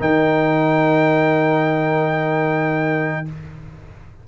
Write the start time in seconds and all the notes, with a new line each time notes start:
0.00 D#3 D#4 A#4 G5